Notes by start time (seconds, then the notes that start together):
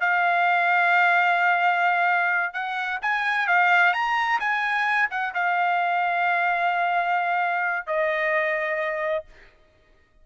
0.00 F5
2.53 F#5
3.01 G#5
3.47 F5
3.93 A#5
4.39 G#5
5.10 F#5
5.34 F5
7.86 D#5